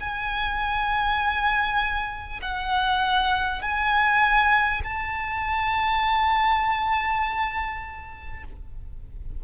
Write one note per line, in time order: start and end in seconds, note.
0.00 2.40 G#5
2.42 3.61 F#5
3.61 4.81 G#5
4.84 8.44 A5